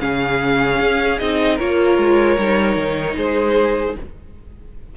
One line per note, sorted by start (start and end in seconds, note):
0.00 0.80 C#3
0.00 1.18 C#4
0.00 1.56 G#4
0.00 1.19 F5
0.80 1.20 C#4
1.19 1.60 C4
1.19 1.60 D#4
1.19 1.58 D#5
1.56 1.98 A#3
1.56 2.39 F4
1.56 3.14 A#4
1.56 3.17 C#5
1.98 2.37 G#3
2.38 2.77 G3
2.38 3.97 D#4
2.77 3.16 D#3
3.17 3.96 G#3
3.17 3.96 G#4
3.17 3.96 C5